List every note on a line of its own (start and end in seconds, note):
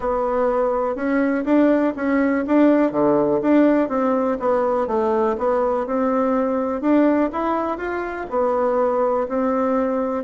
0.00 0.95 B3
0.95 1.44 C#4
1.44 1.93 D4
1.96 2.45 C#4
2.46 2.91 D4
2.91 3.40 D3
3.41 3.88 D4
3.88 4.37 C4
4.39 4.87 B3
4.87 5.36 A3
5.37 5.86 B3
5.86 6.81 C4
6.81 7.29 D4
7.32 7.77 E4
7.77 8.26 F4
8.29 9.27 B3
9.28 10.24 C4